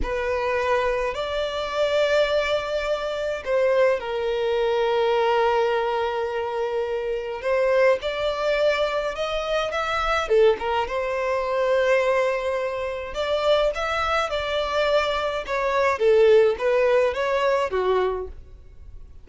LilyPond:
\new Staff \with { instrumentName = "violin" } { \time 4/4 \tempo 4 = 105 b'2 d''2~ | d''2 c''4 ais'4~ | ais'1~ | ais'4 c''4 d''2 |
dis''4 e''4 a'8 ais'8 c''4~ | c''2. d''4 | e''4 d''2 cis''4 | a'4 b'4 cis''4 fis'4 | }